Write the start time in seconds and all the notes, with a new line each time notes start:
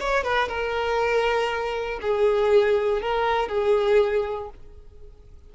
0.00 C#5
0.24 B4
0.48 A#4
2.01 G#4
3.01 A#4
3.48 G#4